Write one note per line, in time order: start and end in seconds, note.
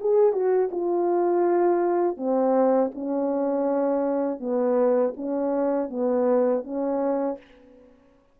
0.00 0.32 G#4
0.32 0.69 F#4
0.71 2.17 F4
2.17 2.91 C4
2.95 4.39 C#4
4.39 5.14 B3
5.16 5.90 C#4
5.90 6.64 B3
6.64 7.38 C#4